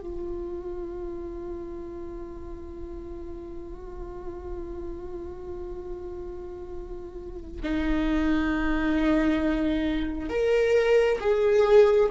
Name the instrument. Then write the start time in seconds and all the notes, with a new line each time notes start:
viola
0.00 F4
7.63 D#4
10.29 A#4
11.20 G#4